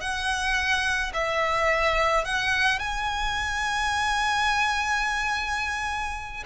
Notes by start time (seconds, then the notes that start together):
0.00 F#5
1.13 E5
2.24 F#5
2.79 G#5